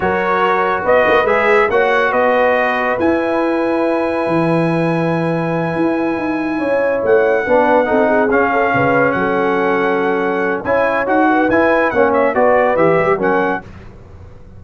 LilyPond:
<<
  \new Staff \with { instrumentName = "trumpet" } { \time 4/4 \tempo 4 = 141 cis''2 dis''4 e''4 | fis''4 dis''2 gis''4~ | gis''1~ | gis''1~ |
gis''8 fis''2. f''8~ | f''4. fis''2~ fis''8~ | fis''4 gis''4 fis''4 gis''4 | fis''8 e''8 d''4 e''4 fis''4 | }
  \new Staff \with { instrumentName = "horn" } { \time 4/4 ais'2 b'2 | cis''4 b'2.~ | b'1~ | b'2.~ b'8 cis''8~ |
cis''4. b'4 a'8 gis'4 | a'8 b'4 a'2~ a'8~ | a'4 cis''4. b'4. | cis''4 b'2 ais'4 | }
  \new Staff \with { instrumentName = "trombone" } { \time 4/4 fis'2. gis'4 | fis'2. e'4~ | e'1~ | e'1~ |
e'4. d'4 dis'4 cis'8~ | cis'1~ | cis'4 e'4 fis'4 e'4 | cis'4 fis'4 g'4 cis'4 | }
  \new Staff \with { instrumentName = "tuba" } { \time 4/4 fis2 b8 ais8 gis4 | ais4 b2 e'4~ | e'2 e2~ | e4. e'4 dis'4 cis'8~ |
cis'8 a4 b4 c'4 cis'8~ | cis'8 cis4 fis2~ fis8~ | fis4 cis'4 dis'4 e'4 | ais4 b4 e8 g8 fis4 | }
>>